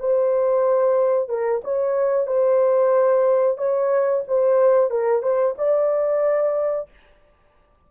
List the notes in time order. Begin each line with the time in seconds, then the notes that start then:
0.00 C5
1.29 A#4
1.65 C#5
2.27 C5
3.58 C#5
4.28 C5
4.91 A#4
5.23 C5
5.58 D5